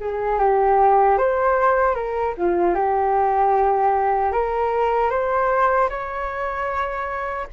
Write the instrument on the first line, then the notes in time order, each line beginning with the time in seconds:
flute
0.00 G#4
0.39 G4
1.18 C5
1.94 A#4
2.37 F4
2.75 G4
4.32 A#4
5.10 C5
5.89 C#5